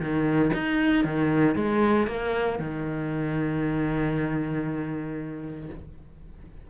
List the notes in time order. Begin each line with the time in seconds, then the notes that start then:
0.00 D#3
0.54 D#4
1.04 D#3
1.55 G#3
2.07 A#3
2.59 D#3